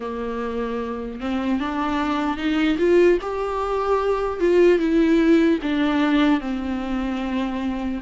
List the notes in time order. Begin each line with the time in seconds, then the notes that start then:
0.00 A#3
1.20 C4
1.59 D4
2.37 D#4
2.78 F4
3.21 G4
4.40 F4
4.79 E4
5.62 D4
6.40 C4